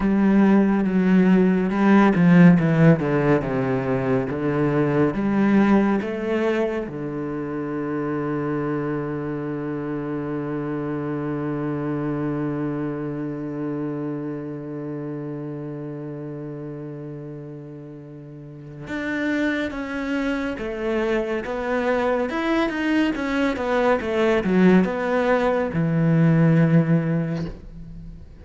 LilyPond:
\new Staff \with { instrumentName = "cello" } { \time 4/4 \tempo 4 = 70 g4 fis4 g8 f8 e8 d8 | c4 d4 g4 a4 | d1~ | d1~ |
d1~ | d2 d'4 cis'4 | a4 b4 e'8 dis'8 cis'8 b8 | a8 fis8 b4 e2 | }